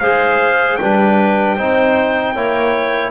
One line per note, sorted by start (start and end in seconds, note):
0.00 0.79 G#3
0.00 0.80 G#4
0.00 0.79 C5
0.00 0.76 F5
0.76 1.58 G3
0.76 1.59 D4
0.76 1.56 B4
0.76 3.10 G5
1.56 2.36 C4
1.56 2.35 D#4
1.56 2.34 C5
2.35 3.11 A#3
2.35 3.11 E4
2.35 3.11 C#5